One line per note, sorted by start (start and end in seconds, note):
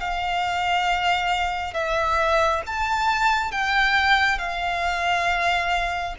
0.00 1.74 F5
1.74 2.62 E5
2.67 3.52 A5
3.52 4.39 G5
4.39 6.15 F5